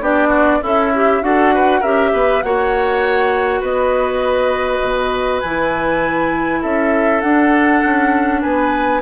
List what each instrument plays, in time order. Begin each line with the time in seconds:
0.00 bassoon B3, clarinet D4, oboe G4, flute D5
0.28 oboe F#4
0.62 bassoon C#4, oboe E4, clarinet A4, flute E5
0.95 clarinet G4
1.21 bassoon D4, clarinet F#4, oboe A4, flute F#5
1.54 oboe B4
1.80 bassoon C#4, clarinet G4, oboe A#4, flute E5
2.12 bassoon B3, oboe B4
2.42 bassoon A#3, clarinet F#4, oboe C#5, flute F#5
3.60 bassoon B3, oboe B4, flute D#5
4.82 bassoon B2
5.40 bassoon E3, clarinet E4, flute G#5
6.61 bassoon C#4, oboe A4, flute E5
7.21 clarinet D4, bassoon D4, flute F#5
7.84 bassoon C#4
8.41 bassoon B3, oboe B4, flute G#5